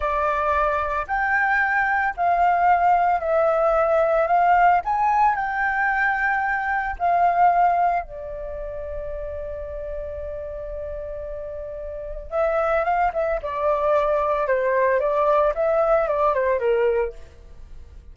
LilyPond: \new Staff \with { instrumentName = "flute" } { \time 4/4 \tempo 4 = 112 d''2 g''2 | f''2 e''2 | f''4 gis''4 g''2~ | g''4 f''2 d''4~ |
d''1~ | d''2. e''4 | f''8 e''8 d''2 c''4 | d''4 e''4 d''8 c''8 ais'4 | }